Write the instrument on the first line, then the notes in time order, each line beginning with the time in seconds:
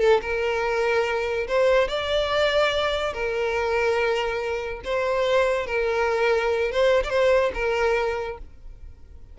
violin
0.00 A4
0.22 A#4
1.48 C5
1.88 D5
3.14 A#4
4.85 C5
5.67 A#4
6.72 C5
7.04 D5
7.10 C5
7.54 A#4